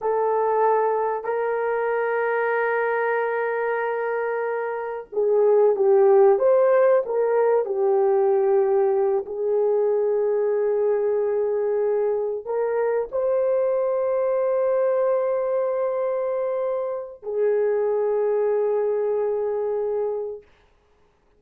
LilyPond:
\new Staff \with { instrumentName = "horn" } { \time 4/4 \tempo 4 = 94 a'2 ais'2~ | ais'1 | gis'4 g'4 c''4 ais'4 | g'2~ g'8 gis'4.~ |
gis'2.~ gis'8 ais'8~ | ais'8 c''2.~ c''8~ | c''2. gis'4~ | gis'1 | }